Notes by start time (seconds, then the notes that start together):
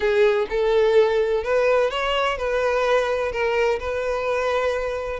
0.00 G#4
0.49 A4
1.43 B4
1.90 C#5
2.37 B4
3.32 A#4
3.79 B4